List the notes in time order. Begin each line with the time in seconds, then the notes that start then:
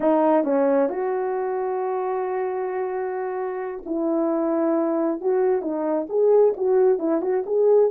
0.00 D#4
0.44 C#4
0.89 F#4
3.85 E4
5.21 F#4
5.61 D#4
6.09 G#4
6.56 F#4
6.99 E4
7.21 F#4
7.46 G#4